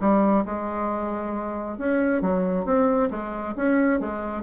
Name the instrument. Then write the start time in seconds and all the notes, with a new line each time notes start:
bassoon
0.00 G3
0.45 G#3
1.78 C#4
2.21 F#3
2.65 C4
3.10 G#3
3.56 C#4
4.00 G#3